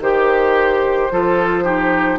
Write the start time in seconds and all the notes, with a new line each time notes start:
0.00 D#3 G4 C5
1.11 F3 F4 A4
1.64 D#4 G4